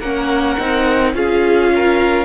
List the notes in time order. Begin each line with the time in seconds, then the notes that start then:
0.00 A#3 C#4 A#4 F#5
0.59 C4 D#4
1.13 C#4 F4 G#4 F5
1.75 A#4